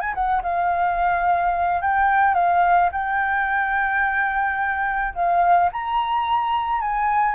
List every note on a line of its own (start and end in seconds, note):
0.00 0.14 G#5
0.14 0.42 F#5
0.43 1.81 F5
1.81 2.35 G5
2.35 2.90 F5
2.92 5.14 G5
5.14 5.70 F5
5.72 6.81 A#5
6.81 7.35 G#5